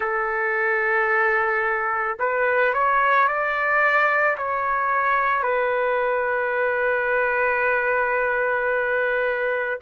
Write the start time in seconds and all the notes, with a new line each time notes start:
0.00 A4
2.19 B4
2.73 C#5
3.27 D5
4.37 C#5
5.42 B4